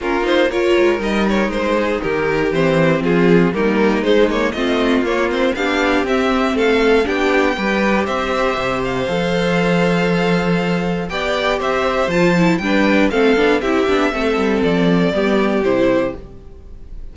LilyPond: <<
  \new Staff \with { instrumentName = "violin" } { \time 4/4 \tempo 4 = 119 ais'8 c''8 cis''4 dis''8 cis''8 c''4 | ais'4 c''4 gis'4 ais'4 | c''8 cis''8 dis''4 cis''8 c''8 f''4 | e''4 f''4 g''2 |
e''4. f''2~ f''8~ | f''2 g''4 e''4 | a''4 g''4 f''4 e''4~ | e''4 d''2 c''4 | }
  \new Staff \with { instrumentName = "violin" } { \time 4/4 f'4 ais'2~ ais'8 gis'8 | g'2 f'4 dis'4~ | dis'4 f'2 g'4~ | g'4 a'4 g'4 b'4 |
c''1~ | c''2 d''4 c''4~ | c''4 b'4 a'4 g'4 | a'2 g'2 | }
  \new Staff \with { instrumentName = "viola" } { \time 4/4 cis'8 dis'8 f'4 dis'2~ | dis'4 c'2 ais4 | gis8 ais8 c'4 ais8 c'8 d'4 | c'2 d'4 g'4~ |
g'2 a'2~ | a'2 g'2 | f'8 e'8 d'4 c'8 d'8 e'8 d'8 | c'2 b4 e'4 | }
  \new Staff \with { instrumentName = "cello" } { \time 4/4 ais4. gis8 g4 gis4 | dis4 e4 f4 g4 | gis4 a4 ais4 b4 | c'4 a4 b4 g4 |
c'4 c4 f2~ | f2 b4 c'4 | f4 g4 a8 b8 c'8 b8 | a8 g8 f4 g4 c4 | }
>>